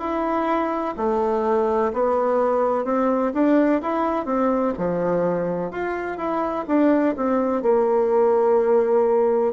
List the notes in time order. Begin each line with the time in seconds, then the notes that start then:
0.00 E4
0.97 A3
1.94 B3
2.85 C4
3.35 D4
3.82 E4
4.26 C4
4.78 F3
5.71 F4
6.18 E4
6.68 D4
7.17 C4
7.63 A#3